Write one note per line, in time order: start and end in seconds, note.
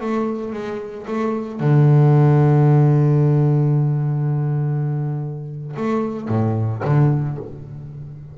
0.00 0.53 A3
0.53 1.06 G#3
1.07 1.59 A3
1.59 5.75 D3
5.76 6.28 A3
6.28 6.82 A2
6.84 7.38 D3